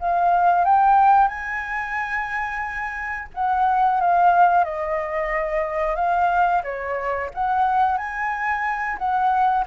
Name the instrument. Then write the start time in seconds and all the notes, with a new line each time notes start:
flute
0.00 F5
0.65 G5
1.28 G#5
3.34 F#5
4.01 F5
4.64 D#5
5.95 F5
6.64 C#5
7.34 F#5
7.98 G#5
8.98 F#5